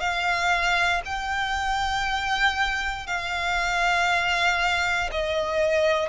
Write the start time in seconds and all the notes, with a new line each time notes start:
0.00 F5
1.05 G5
3.07 F5
5.12 D#5